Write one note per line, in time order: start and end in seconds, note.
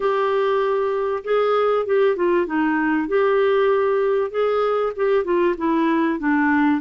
0.00 1.23 G4
1.24 1.86 G#4
1.86 2.16 G4
2.16 2.46 F4
2.46 3.08 D#4
3.08 4.30 G4
4.30 4.92 G#4
4.96 5.24 G4
5.24 5.55 F4
5.57 6.19 E4
6.19 6.80 D4